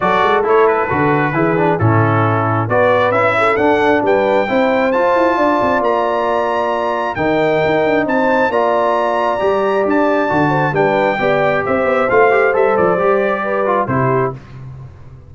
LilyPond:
<<
  \new Staff \with { instrumentName = "trumpet" } { \time 4/4 \tempo 4 = 134 d''4 cis''8 b'2~ b'8 | a'2 d''4 e''4 | fis''4 g''2 a''4~ | a''4 ais''2. |
g''2 a''4 ais''4~ | ais''2 a''2 | g''2 e''4 f''4 | e''8 d''2~ d''8 c''4 | }
  \new Staff \with { instrumentName = "horn" } { \time 4/4 a'2. gis'4 | e'2 b'4. a'8~ | a'4 b'4 c''2 | d''1 |
ais'2 c''4 d''4~ | d''2.~ d''8 c''8 | b'4 d''4 c''2~ | c''2 b'4 g'4 | }
  \new Staff \with { instrumentName = "trombone" } { \time 4/4 fis'4 e'4 fis'4 e'8 d'8 | cis'2 fis'4 e'4 | d'2 e'4 f'4~ | f'1 |
dis'2. f'4~ | f'4 g'2 fis'4 | d'4 g'2 f'8 g'8 | a'4 g'4. f'8 e'4 | }
  \new Staff \with { instrumentName = "tuba" } { \time 4/4 fis8 gis8 a4 d4 e4 | a,2 b4 cis'4 | d'4 g4 c'4 f'8 e'8 | d'8 c'8 ais2. |
dis4 dis'8 d'8 c'4 ais4~ | ais4 g4 d'4 d4 | g4 b4 c'8 b8 a4 | g8 f8 g2 c4 | }
>>